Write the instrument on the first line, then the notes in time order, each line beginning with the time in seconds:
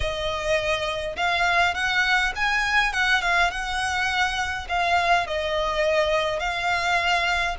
violin
0.00 D#5
1.16 F5
1.74 F#5
2.35 G#5
2.93 F#5
3.21 F5
3.50 F#5
4.68 F5
5.26 D#5
6.39 F5